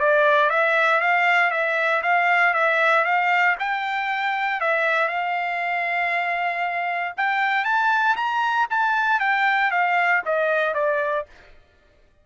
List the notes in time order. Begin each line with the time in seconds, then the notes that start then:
0.00 D5
0.50 E5
1.01 F5
1.51 E5
2.03 F5
2.54 E5
3.05 F5
3.60 G5
4.61 E5
5.09 F5
7.17 G5
7.65 A5
8.17 A#5
8.71 A5
9.20 G5
9.71 F5
10.26 D#5
10.75 D5